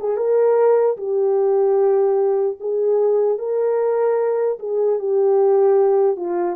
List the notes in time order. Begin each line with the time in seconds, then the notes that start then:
0.00 G#4
0.17 A#4
0.97 G4
2.60 G#4
3.38 A#4
4.59 G#4
4.99 G4
6.16 F4